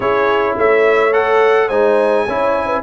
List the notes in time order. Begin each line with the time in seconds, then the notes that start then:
0.00 C#4 E4 G#4 C#5
0.57 A3 C#5 E5
1.12 A4 F#5
1.67 G#3 D#4 C5 G#5
2.27 C#4 E4 C#5
2.66 B4